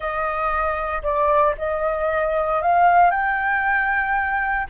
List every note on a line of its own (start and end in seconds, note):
0.00 1.02 D#5
1.02 1.55 D5
1.57 2.62 D#5
2.62 3.10 F5
3.10 4.67 G5